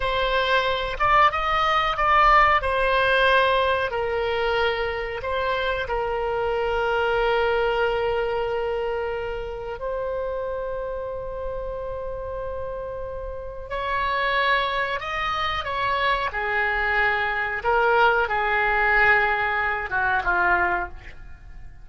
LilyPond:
\new Staff \with { instrumentName = "oboe" } { \time 4/4 \tempo 4 = 92 c''4. d''8 dis''4 d''4 | c''2 ais'2 | c''4 ais'2.~ | ais'2. c''4~ |
c''1~ | c''4 cis''2 dis''4 | cis''4 gis'2 ais'4 | gis'2~ gis'8 fis'8 f'4 | }